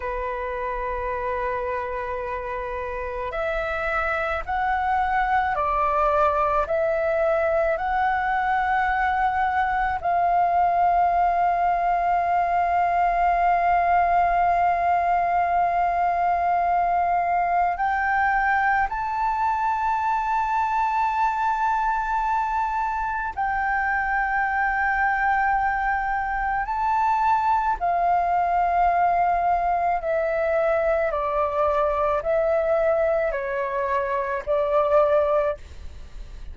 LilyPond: \new Staff \with { instrumentName = "flute" } { \time 4/4 \tempo 4 = 54 b'2. e''4 | fis''4 d''4 e''4 fis''4~ | fis''4 f''2.~ | f''1 |
g''4 a''2.~ | a''4 g''2. | a''4 f''2 e''4 | d''4 e''4 cis''4 d''4 | }